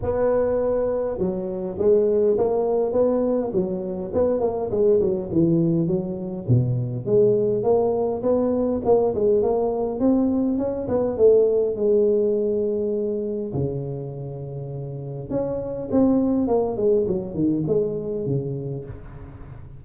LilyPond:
\new Staff \with { instrumentName = "tuba" } { \time 4/4 \tempo 4 = 102 b2 fis4 gis4 | ais4 b4 fis4 b8 ais8 | gis8 fis8 e4 fis4 b,4 | gis4 ais4 b4 ais8 gis8 |
ais4 c'4 cis'8 b8 a4 | gis2. cis4~ | cis2 cis'4 c'4 | ais8 gis8 fis8 dis8 gis4 cis4 | }